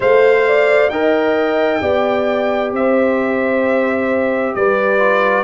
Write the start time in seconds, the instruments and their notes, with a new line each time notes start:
0.00 tuba A3, horn C5, trombone C5, trumpet F5
0.47 horn D5
0.89 tuba D#4, trombone A#4, horn D#5, trumpet G5
1.81 tuba B3, trombone G4, horn D5
2.72 tuba C4, horn C5, trumpet E5
4.55 tuba G3, horn B4, trumpet D5
4.98 trombone F4